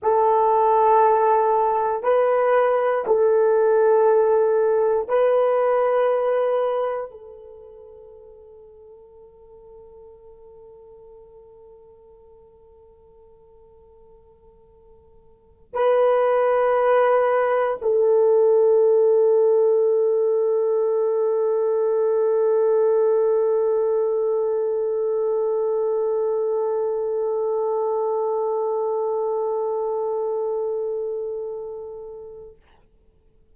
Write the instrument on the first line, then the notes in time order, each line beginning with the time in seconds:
horn
0.02 A4
2.03 B4
3.06 A4
5.08 B4
7.10 A4
15.73 B4
17.81 A4